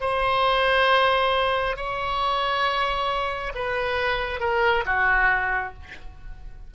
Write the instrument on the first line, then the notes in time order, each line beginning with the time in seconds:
oboe
0.00 C5
1.76 C#5
3.54 B4
4.40 A#4
4.85 F#4